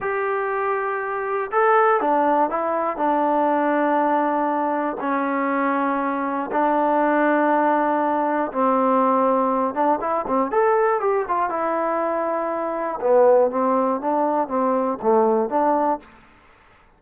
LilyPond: \new Staff \with { instrumentName = "trombone" } { \time 4/4 \tempo 4 = 120 g'2. a'4 | d'4 e'4 d'2~ | d'2 cis'2~ | cis'4 d'2.~ |
d'4 c'2~ c'8 d'8 | e'8 c'8 a'4 g'8 f'8 e'4~ | e'2 b4 c'4 | d'4 c'4 a4 d'4 | }